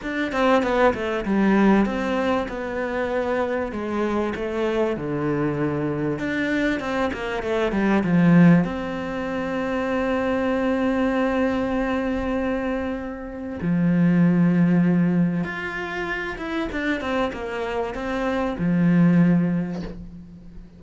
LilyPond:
\new Staff \with { instrumentName = "cello" } { \time 4/4 \tempo 4 = 97 d'8 c'8 b8 a8 g4 c'4 | b2 gis4 a4 | d2 d'4 c'8 ais8 | a8 g8 f4 c'2~ |
c'1~ | c'2 f2~ | f4 f'4. e'8 d'8 c'8 | ais4 c'4 f2 | }